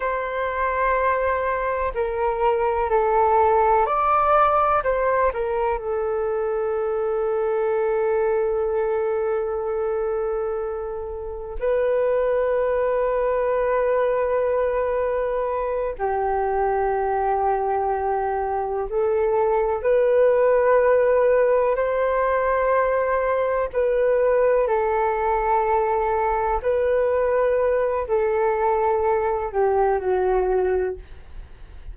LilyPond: \new Staff \with { instrumentName = "flute" } { \time 4/4 \tempo 4 = 62 c''2 ais'4 a'4 | d''4 c''8 ais'8 a'2~ | a'1 | b'1~ |
b'8 g'2. a'8~ | a'8 b'2 c''4.~ | c''8 b'4 a'2 b'8~ | b'4 a'4. g'8 fis'4 | }